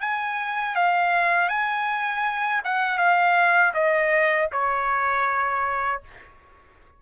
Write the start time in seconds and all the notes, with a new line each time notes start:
0.00 G#5
0.75 F5
1.49 G#5
2.64 F#5
2.98 F5
3.73 D#5
4.51 C#5